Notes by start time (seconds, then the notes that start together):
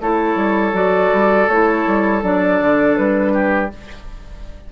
0.00 A3 E4 A4 C#5
0.35 G3
0.73 F#3 F#4 D5
1.13 G3
1.48 A3 E4 C#5
1.87 G3
2.22 F#3 D4 D5
2.60 D3
2.96 G3 B4
3.33 G4